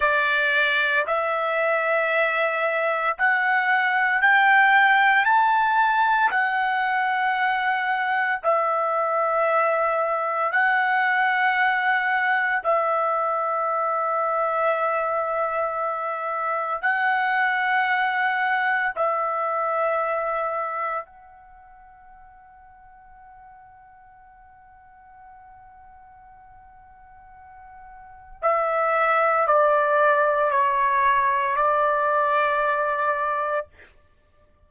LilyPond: \new Staff \with { instrumentName = "trumpet" } { \time 4/4 \tempo 4 = 57 d''4 e''2 fis''4 | g''4 a''4 fis''2 | e''2 fis''2 | e''1 |
fis''2 e''2 | fis''1~ | fis''2. e''4 | d''4 cis''4 d''2 | }